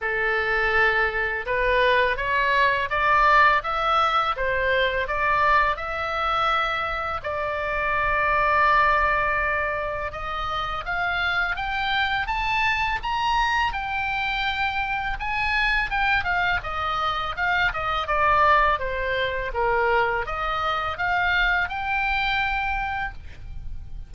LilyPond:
\new Staff \with { instrumentName = "oboe" } { \time 4/4 \tempo 4 = 83 a'2 b'4 cis''4 | d''4 e''4 c''4 d''4 | e''2 d''2~ | d''2 dis''4 f''4 |
g''4 a''4 ais''4 g''4~ | g''4 gis''4 g''8 f''8 dis''4 | f''8 dis''8 d''4 c''4 ais'4 | dis''4 f''4 g''2 | }